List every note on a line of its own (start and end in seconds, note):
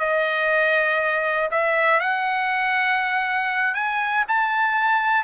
0.00 1.50 D#5
1.51 2.01 E5
2.01 3.75 F#5
3.75 4.25 G#5
4.28 5.24 A5